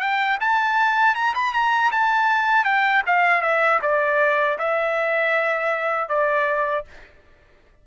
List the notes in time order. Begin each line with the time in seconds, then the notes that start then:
0.00 G5
0.40 A5
1.15 A#5
1.34 B5
1.53 A#5
1.91 A5
2.64 G5
3.06 F5
3.41 E5
3.82 D5
4.58 E5
6.09 D5